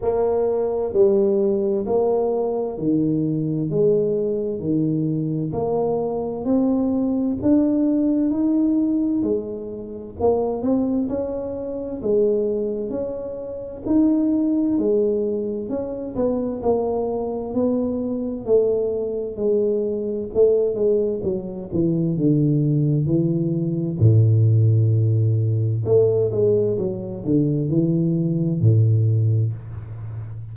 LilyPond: \new Staff \with { instrumentName = "tuba" } { \time 4/4 \tempo 4 = 65 ais4 g4 ais4 dis4 | gis4 dis4 ais4 c'4 | d'4 dis'4 gis4 ais8 c'8 | cis'4 gis4 cis'4 dis'4 |
gis4 cis'8 b8 ais4 b4 | a4 gis4 a8 gis8 fis8 e8 | d4 e4 a,2 | a8 gis8 fis8 d8 e4 a,4 | }